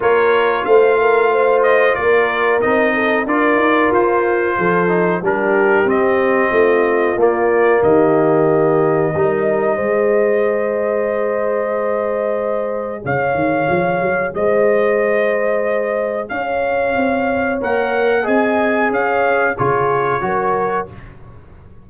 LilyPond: <<
  \new Staff \with { instrumentName = "trumpet" } { \time 4/4 \tempo 4 = 92 cis''4 f''4. dis''8 d''4 | dis''4 d''4 c''2 | ais'4 dis''2 d''4 | dis''1~ |
dis''1 | f''2 dis''2~ | dis''4 f''2 fis''4 | gis''4 f''4 cis''2 | }
  \new Staff \with { instrumentName = "horn" } { \time 4/4 ais'4 c''8 ais'8 c''4 ais'4~ | ais'8 a'8 ais'2 a'4 | g'2 f'2 | g'2 ais'4 c''4~ |
c''1 | cis''2 c''2~ | c''4 cis''2. | dis''4 cis''4 gis'4 ais'4 | }
  \new Staff \with { instrumentName = "trombone" } { \time 4/4 f'1 | dis'4 f'2~ f'8 dis'8 | d'4 c'2 ais4~ | ais2 dis'4 gis'4~ |
gis'1~ | gis'1~ | gis'2. ais'4 | gis'2 f'4 fis'4 | }
  \new Staff \with { instrumentName = "tuba" } { \time 4/4 ais4 a2 ais4 | c'4 d'8 dis'8 f'4 f4 | g4 c'4 a4 ais4 | dis2 g4 gis4~ |
gis1 | cis8 dis8 f8 fis8 gis2~ | gis4 cis'4 c'4 ais4 | c'4 cis'4 cis4 fis4 | }
>>